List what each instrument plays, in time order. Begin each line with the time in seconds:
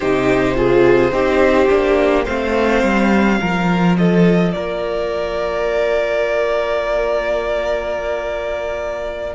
0.00 cello C3, viola D#4, violin G4 C5
0.55 viola F4, violin G#4
1.12 cello C4, viola D#4, violin G4
1.68 cello A#3, viola D4
2.25 cello A3, viola C4, violin C5 F5
2.82 cello G3
3.39 cello F3, viola F4, violin A#4
3.97 violin A4 D#5
4.52 cello A#3, violin A#4 D5